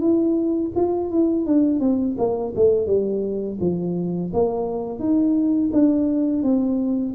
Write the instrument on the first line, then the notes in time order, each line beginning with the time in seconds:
tuba
0.00 E4
0.76 F4
1.11 E4
1.46 D4
1.80 C4
2.18 A#3
2.56 A3
2.86 G3
3.60 F3
4.33 A#3
4.99 D#4
5.73 D4
6.43 C4